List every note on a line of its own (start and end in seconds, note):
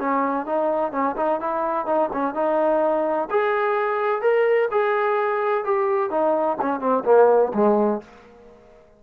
0.00 0.46 C#4
0.46 0.93 D#4
0.93 1.16 C#4
1.17 1.41 D#4
1.41 1.87 E4
1.87 2.10 D#4
2.13 2.35 C#4
2.35 3.29 D#4
3.31 4.22 G#4
4.22 4.69 A#4
4.72 5.65 G#4
5.65 6.11 G4
6.11 6.58 D#4
6.62 6.81 C#4
6.81 7.04 C4
7.05 7.53 A#3
7.54 8.02 G#3